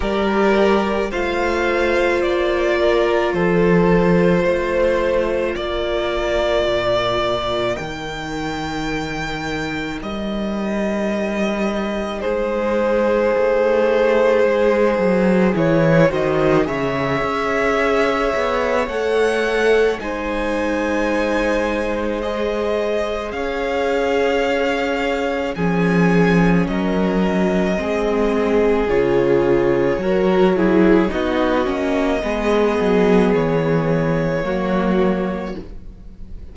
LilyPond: <<
  \new Staff \with { instrumentName = "violin" } { \time 4/4 \tempo 4 = 54 d''4 f''4 d''4 c''4~ | c''4 d''2 g''4~ | g''4 dis''2 c''4~ | c''2 cis''8 dis''8 e''4~ |
e''4 fis''4 gis''2 | dis''4 f''2 gis''4 | dis''2 cis''2 | dis''2 cis''2 | }
  \new Staff \with { instrumentName = "violin" } { \time 4/4 ais'4 c''4. ais'8 a'4 | c''4 ais'2.~ | ais'2. gis'4~ | gis'2~ gis'8 c''8 cis''4~ |
cis''2 c''2~ | c''4 cis''2 gis'4 | ais'4 gis'2 ais'8 gis'8 | fis'4 gis'2 fis'4 | }
  \new Staff \with { instrumentName = "viola" } { \time 4/4 g'4 f'2.~ | f'2. dis'4~ | dis'1~ | dis'2 e'8 fis'8 gis'4~ |
gis'4 a'4 dis'2 | gis'2. cis'4~ | cis'4 c'4 f'4 fis'8 e'8 | dis'8 cis'8 b2 ais4 | }
  \new Staff \with { instrumentName = "cello" } { \time 4/4 g4 a4 ais4 f4 | a4 ais4 ais,4 dis4~ | dis4 g2 gis4 | a4 gis8 fis8 e8 dis8 cis8 cis'8~ |
cis'8 b8 a4 gis2~ | gis4 cis'2 f4 | fis4 gis4 cis4 fis4 | b8 ais8 gis8 fis8 e4 fis4 | }
>>